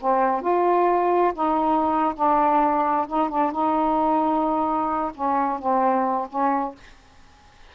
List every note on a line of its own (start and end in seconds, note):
0.00 0.41 C4
0.41 1.33 F4
1.33 2.14 D#4
2.15 3.06 D4
3.07 3.29 D#4
3.29 3.51 D4
3.51 5.12 D#4
5.14 5.59 C#4
5.59 6.27 C4
6.29 6.75 C#4